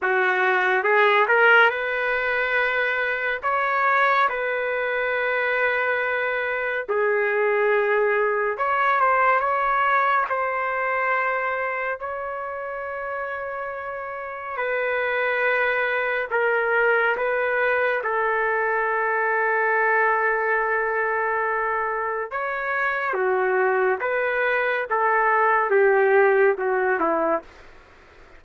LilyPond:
\new Staff \with { instrumentName = "trumpet" } { \time 4/4 \tempo 4 = 70 fis'4 gis'8 ais'8 b'2 | cis''4 b'2. | gis'2 cis''8 c''8 cis''4 | c''2 cis''2~ |
cis''4 b'2 ais'4 | b'4 a'2.~ | a'2 cis''4 fis'4 | b'4 a'4 g'4 fis'8 e'8 | }